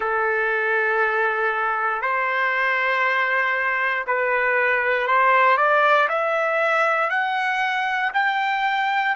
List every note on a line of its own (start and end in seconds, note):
0.00 2.01 A4
2.01 4.04 C5
4.06 5.07 B4
5.07 5.57 C5
5.57 6.07 D5
6.08 7.10 E5
7.10 8.11 F#5
8.14 9.15 G5